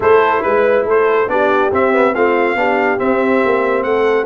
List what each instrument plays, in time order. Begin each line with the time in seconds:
0.00 tuba A3, trombone E4, horn A4, trumpet C5
0.42 tuba G#3, horn B4, trumpet B4
0.83 tuba A3, horn A4, trumpet C5
1.27 tuba B3, trombone D4, horn G4, trumpet D5
1.71 trombone C4, tuba C4, trumpet E5
1.92 trombone B3
2.14 tuba A3, trombone C4, horn F4, trumpet F5
2.54 tuba B3, trombone D4, horn G4
2.98 trombone C4, tuba C4, trumpet E5
3.44 tuba A#3
3.83 tuba A3, trumpet F#5
3.90 horn A4